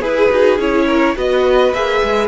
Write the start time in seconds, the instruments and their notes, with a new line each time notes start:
0.00 cello E4, violin G#4 B4, viola G#4
0.30 cello D#4, viola F#4
0.58 cello C#4, viola E4, violin C#5
0.87 violin A#4
1.16 cello B3, viola F#4, violin B4 D#5
1.73 cello A#3, viola G#4, violin E5
2.02 cello G#3